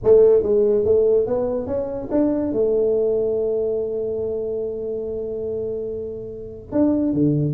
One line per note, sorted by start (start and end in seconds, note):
0.03 0.42 A3
0.42 0.84 G#3
0.84 1.26 A3
1.26 1.66 B3
1.66 2.08 C#4
2.11 2.52 D4
2.52 6.72 A3
6.72 7.13 D4
7.13 7.54 D3